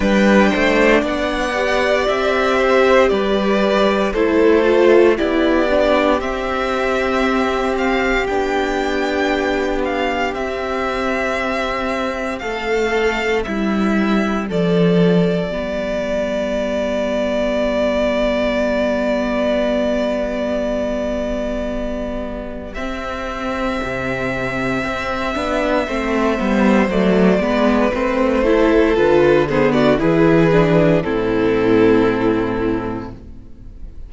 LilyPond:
<<
  \new Staff \with { instrumentName = "violin" } { \time 4/4 \tempo 4 = 58 g''4 fis''4 e''4 d''4 | c''4 d''4 e''4. f''8 | g''4. f''8 e''2 | f''4 e''4 d''2~ |
d''1~ | d''2 e''2~ | e''2 d''4 c''4 | b'8 c''16 d''16 b'4 a'2 | }
  \new Staff \with { instrumentName = "violin" } { \time 4/4 b'8 c''8 d''4. c''8 b'4 | a'4 g'2.~ | g'1 | a'4 e'4 a'4 g'4~ |
g'1~ | g'1~ | g'4 c''4. b'4 a'8~ | a'8 gis'16 fis'16 gis'4 e'2 | }
  \new Staff \with { instrumentName = "viola" } { \time 4/4 d'4. g'2~ g'8 | e'8 f'8 e'8 d'8 c'2 | d'2 c'2~ | c'2. b4~ |
b1~ | b2 c'2~ | c'8 d'8 c'8 b8 a8 b8 c'8 e'8 | f'8 b8 e'8 d'8 c'2 | }
  \new Staff \with { instrumentName = "cello" } { \time 4/4 g8 a8 b4 c'4 g4 | a4 b4 c'2 | b2 c'2 | a4 g4 f4 g4~ |
g1~ | g2 c'4 c4 | c'8 b8 a8 g8 fis8 gis8 a4 | d4 e4 a,2 | }
>>